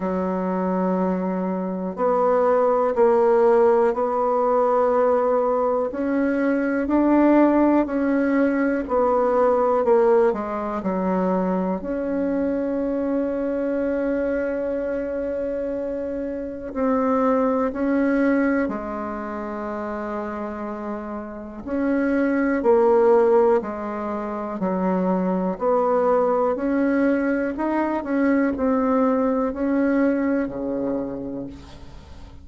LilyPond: \new Staff \with { instrumentName = "bassoon" } { \time 4/4 \tempo 4 = 61 fis2 b4 ais4 | b2 cis'4 d'4 | cis'4 b4 ais8 gis8 fis4 | cis'1~ |
cis'4 c'4 cis'4 gis4~ | gis2 cis'4 ais4 | gis4 fis4 b4 cis'4 | dis'8 cis'8 c'4 cis'4 cis4 | }